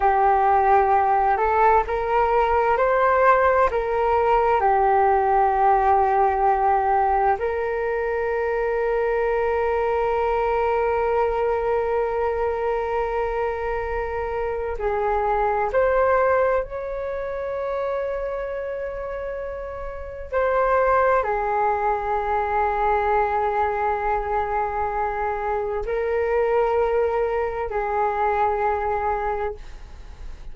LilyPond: \new Staff \with { instrumentName = "flute" } { \time 4/4 \tempo 4 = 65 g'4. a'8 ais'4 c''4 | ais'4 g'2. | ais'1~ | ais'1 |
gis'4 c''4 cis''2~ | cis''2 c''4 gis'4~ | gis'1 | ais'2 gis'2 | }